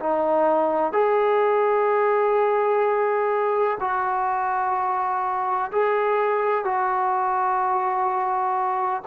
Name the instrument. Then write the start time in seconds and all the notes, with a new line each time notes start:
trombone
0.00 D#4
0.93 G#4
3.81 F#4
5.72 G#4
6.65 F#4